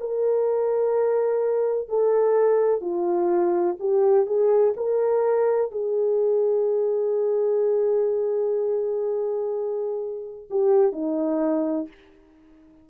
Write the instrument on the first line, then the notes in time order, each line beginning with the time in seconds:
horn
0.00 A#4
1.88 A4
2.81 F4
3.79 G4
4.26 G#4
4.76 A#4
5.71 G#4
10.50 G4
10.92 D#4